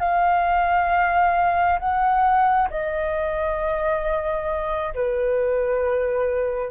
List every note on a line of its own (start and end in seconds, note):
0.00 1.79 F5
1.80 2.69 F#5
2.70 4.94 D#5
4.95 6.71 B4